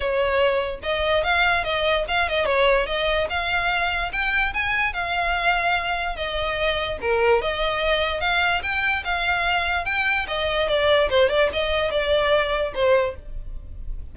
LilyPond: \new Staff \with { instrumentName = "violin" } { \time 4/4 \tempo 4 = 146 cis''2 dis''4 f''4 | dis''4 f''8 dis''8 cis''4 dis''4 | f''2 g''4 gis''4 | f''2. dis''4~ |
dis''4 ais'4 dis''2 | f''4 g''4 f''2 | g''4 dis''4 d''4 c''8 d''8 | dis''4 d''2 c''4 | }